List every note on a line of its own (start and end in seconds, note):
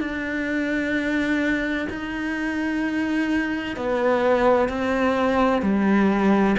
0.00 1.87 D4
1.90 3.76 D#4
3.76 4.69 B3
4.69 5.62 C4
5.62 6.56 G3